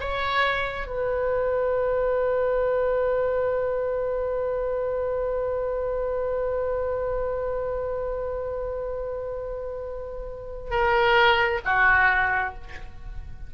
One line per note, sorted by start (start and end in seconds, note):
0.00 0.87 C#5
0.87 10.71 B4
10.71 11.60 A#4
11.65 12.54 F#4